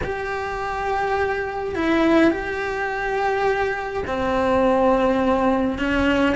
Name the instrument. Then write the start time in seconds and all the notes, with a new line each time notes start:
cello
0.03 G4
1.75 E4
2.30 G4
4.06 C4
5.78 C#4